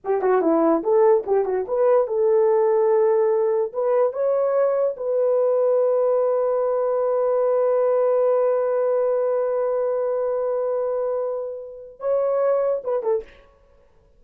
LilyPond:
\new Staff \with { instrumentName = "horn" } { \time 4/4 \tempo 4 = 145 g'8 fis'8 e'4 a'4 g'8 fis'8 | b'4 a'2.~ | a'4 b'4 cis''2 | b'1~ |
b'1~ | b'1~ | b'1~ | b'4 cis''2 b'8 a'8 | }